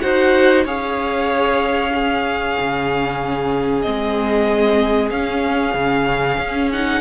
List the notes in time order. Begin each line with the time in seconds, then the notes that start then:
0.00 D#4 F#4 C5 F#5
0.65 C#4 G#4 C#5 F5
1.91 C#4 G#4
2.59 C#3
3.82 G#3 C4 D#5
5.11 C#4 F5
5.74 C#3
6.38 C#4
6.72 D#4 F#5